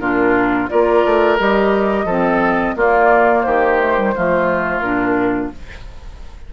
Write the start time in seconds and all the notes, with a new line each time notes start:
0.00 A#2 D4 F4 A#4
0.69 A#3 F4 A#4 D5
1.05 A3
1.39 G3 G4 D#5
2.05 F3 C4 A4
2.76 A#3 F4 D5
3.43 D#3 G4 C5
3.80 A3
3.97 G3
4.16 F3 A3 F4
4.79 A#2 D4 A#4